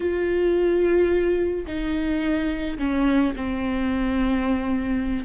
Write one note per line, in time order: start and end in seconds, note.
0.00 1.66 F4
1.66 2.78 D#4
2.78 3.34 C#4
3.36 5.25 C4